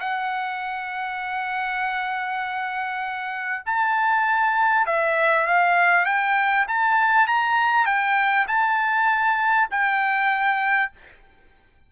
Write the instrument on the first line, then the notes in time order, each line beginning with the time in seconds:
trumpet
0.00 F#5
3.66 A5
4.87 E5
5.47 F5
6.06 G5
6.68 A5
7.28 A#5
7.86 G5
8.48 A5
9.71 G5